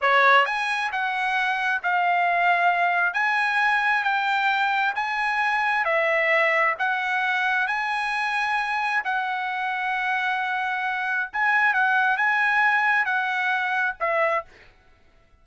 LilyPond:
\new Staff \with { instrumentName = "trumpet" } { \time 4/4 \tempo 4 = 133 cis''4 gis''4 fis''2 | f''2. gis''4~ | gis''4 g''2 gis''4~ | gis''4 e''2 fis''4~ |
fis''4 gis''2. | fis''1~ | fis''4 gis''4 fis''4 gis''4~ | gis''4 fis''2 e''4 | }